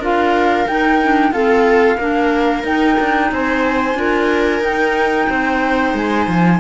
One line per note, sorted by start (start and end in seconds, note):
0.00 0.66 D4
0.00 0.68 F4
0.00 1.32 A#4
0.00 0.68 F5
0.68 1.32 D#4
0.68 1.02 D#4
0.68 1.33 G5
1.03 1.34 D4
1.32 1.99 C4
1.32 1.98 F4
1.32 1.97 A4
1.32 2.65 F5
1.97 2.64 A#3
1.97 2.65 D4
1.97 3.29 A#4
2.64 2.97 D#4
2.64 3.96 D#4
2.64 3.32 G5
3.00 3.32 D4
3.32 3.95 C4
3.32 4.00 C5
3.32 4.65 G#5
3.95 4.61 D4
3.95 4.62 F4
3.95 5.30 A#4
4.61 5.27 D#4
4.61 6.60 D#4
4.61 5.97 G5
5.30 5.94 C4
5.30 6.60 C5
5.94 6.27 G#3
5.94 6.60 G#5
6.28 6.60 F3